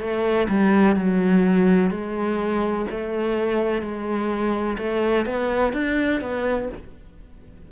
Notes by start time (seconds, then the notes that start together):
0.00 A3
0.49 G3
0.96 F#3
1.90 G#3
2.90 A3
3.81 G#3
4.78 A3
5.26 B3
5.73 D4
6.21 B3